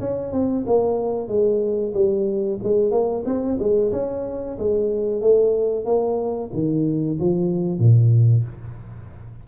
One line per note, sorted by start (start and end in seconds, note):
0.00 0.32 C#4
0.32 0.65 C4
0.66 1.28 A#3
1.28 1.94 G#3
1.94 2.59 G3
2.63 2.91 G#3
2.91 3.24 A#3
3.25 3.58 C4
3.59 3.92 G#3
3.92 4.58 C#4
4.58 5.21 G#3
5.21 5.85 A3
5.85 6.50 A#3
6.53 7.19 D#3
7.20 7.79 F3
7.79 8.44 A#2